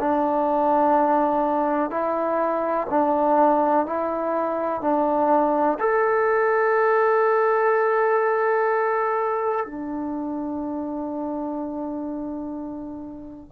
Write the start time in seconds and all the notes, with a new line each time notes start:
0.00 D4
1.90 E4
2.90 D4
3.86 E4
4.82 D4
5.79 A4
9.66 D4